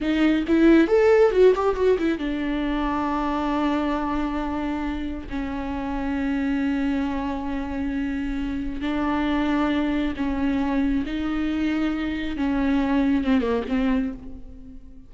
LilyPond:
\new Staff \with { instrumentName = "viola" } { \time 4/4 \tempo 4 = 136 dis'4 e'4 a'4 fis'8 g'8 | fis'8 e'8 d'2.~ | d'1 | cis'1~ |
cis'1 | d'2. cis'4~ | cis'4 dis'2. | cis'2 c'8 ais8 c'4 | }